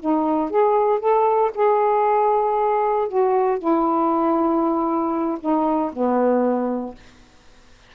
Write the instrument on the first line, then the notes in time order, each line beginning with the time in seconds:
saxophone
0.00 D#4
0.51 G#4
1.00 A4
1.55 G#4
3.08 F#4
3.59 E4
5.41 D#4
5.93 B3